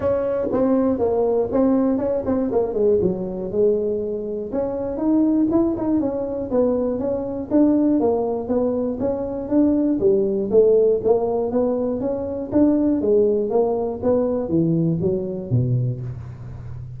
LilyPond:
\new Staff \with { instrumentName = "tuba" } { \time 4/4 \tempo 4 = 120 cis'4 c'4 ais4 c'4 | cis'8 c'8 ais8 gis8 fis4 gis4~ | gis4 cis'4 dis'4 e'8 dis'8 | cis'4 b4 cis'4 d'4 |
ais4 b4 cis'4 d'4 | g4 a4 ais4 b4 | cis'4 d'4 gis4 ais4 | b4 e4 fis4 b,4 | }